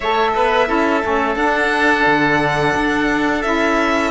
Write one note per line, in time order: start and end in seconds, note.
0.00 0.35 A3
0.00 0.66 A4
0.00 0.30 C#5
0.00 1.35 E5
0.35 0.69 B3
0.35 0.68 B4
0.66 1.03 C#4
0.66 1.00 E4
0.66 4.11 A4
1.02 1.35 A3
1.02 1.36 C#4
1.35 2.04 D4
1.35 3.44 D4
1.35 3.42 F#5
2.06 2.75 D3
2.75 3.44 D4
3.42 4.11 C#4
3.42 4.11 E4
3.42 4.11 E5